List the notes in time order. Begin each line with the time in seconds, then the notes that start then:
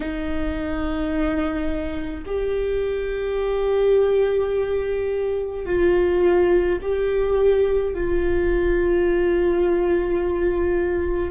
0.00 D#4
2.25 G4
5.66 F4
6.81 G4
7.93 F4